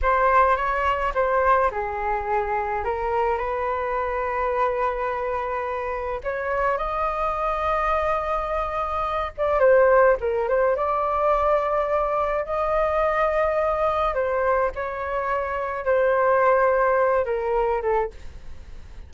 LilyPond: \new Staff \with { instrumentName = "flute" } { \time 4/4 \tempo 4 = 106 c''4 cis''4 c''4 gis'4~ | gis'4 ais'4 b'2~ | b'2. cis''4 | dis''1~ |
dis''8 d''8 c''4 ais'8 c''8 d''4~ | d''2 dis''2~ | dis''4 c''4 cis''2 | c''2~ c''8 ais'4 a'8 | }